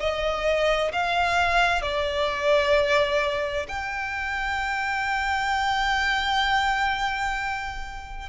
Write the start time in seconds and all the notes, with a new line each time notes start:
0.00 D#5
0.93 F5
1.82 D5
3.68 G5